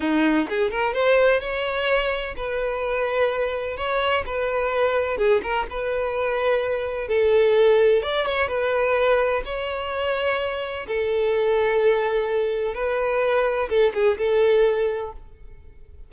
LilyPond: \new Staff \with { instrumentName = "violin" } { \time 4/4 \tempo 4 = 127 dis'4 gis'8 ais'8 c''4 cis''4~ | cis''4 b'2. | cis''4 b'2 gis'8 ais'8 | b'2. a'4~ |
a'4 d''8 cis''8 b'2 | cis''2. a'4~ | a'2. b'4~ | b'4 a'8 gis'8 a'2 | }